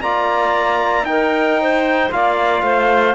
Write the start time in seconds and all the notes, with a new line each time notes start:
0.00 A#3 F4 D5 A#5
1.03 D#4 A#4 G5
1.61 C5
2.11 A#3 F4 D5 F5
2.62 A3 C5